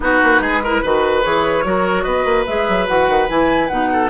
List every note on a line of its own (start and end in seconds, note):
0.00 0.21 B3
0.00 0.62 D#4
0.00 0.41 F#4
0.00 1.23 B4
0.23 0.40 A#3
0.40 0.81 G#3
0.40 0.62 G#4
0.63 0.84 E4
0.63 0.82 A#4
0.82 1.25 D#3
0.82 1.22 F#4
0.82 1.64 B4
1.22 1.64 E3
1.22 1.64 G#4
1.22 2.02 C#5
1.64 2.05 F#3
1.64 2.46 F#4
1.64 2.03 A#4
2.02 2.24 B3
2.02 3.88 B4
2.02 2.44 D#5
2.24 2.45 A#3
2.46 2.68 G#3
2.46 2.87 G#4
2.46 2.87 E5
2.68 2.88 F#3
2.87 3.08 E3
2.87 3.28 F#4
2.87 3.28 F#5
3.08 3.29 D#3
3.28 3.69 E3
3.28 3.69 E4
3.28 3.67 G#5
3.67 4.10 B2
3.67 4.10 D#4
3.67 4.09 F#5
3.92 4.10 A4